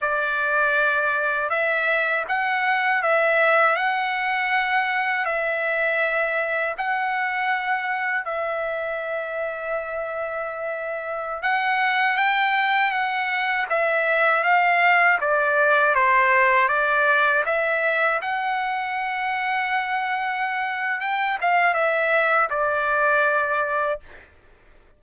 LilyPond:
\new Staff \with { instrumentName = "trumpet" } { \time 4/4 \tempo 4 = 80 d''2 e''4 fis''4 | e''4 fis''2 e''4~ | e''4 fis''2 e''4~ | e''2.~ e''16 fis''8.~ |
fis''16 g''4 fis''4 e''4 f''8.~ | f''16 d''4 c''4 d''4 e''8.~ | e''16 fis''2.~ fis''8. | g''8 f''8 e''4 d''2 | }